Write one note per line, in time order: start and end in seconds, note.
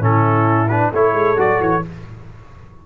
0.00 0.91 A2
0.00 0.69 C#4
0.00 0.92 E4
0.00 0.69 A4
0.69 0.94 D4
0.69 0.91 B4
0.92 1.13 A3
0.92 1.37 E4
0.92 1.86 A4
0.92 1.40 C#5
1.13 1.36 G#3
1.37 1.60 F#3
1.37 1.82 F#4
1.37 1.62 D5
1.60 1.83 E3
1.60 1.85 C#5